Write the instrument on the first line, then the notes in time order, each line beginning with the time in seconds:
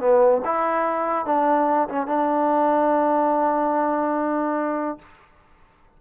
trombone
0.00 B3
0.45 E4
1.26 D4
1.89 C#4
2.07 D4